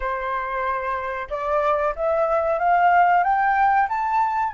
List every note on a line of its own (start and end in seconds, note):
0.00 1.27 C5
1.30 1.94 D5
1.95 2.59 E5
2.59 3.23 F5
3.23 3.88 G5
3.89 4.53 A5